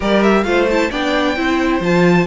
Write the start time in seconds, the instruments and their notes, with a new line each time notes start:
0.00 cello G3, viola G4, violin A#4 D5
0.22 violin E5
0.43 cello A3, viola F4, violin C5 F5
0.70 viola E4, violin A5
0.90 cello B3, viola D4, violin D5 G5
1.36 cello C4, viola E4, violin C5
1.80 cello F3, viola F4, violin A5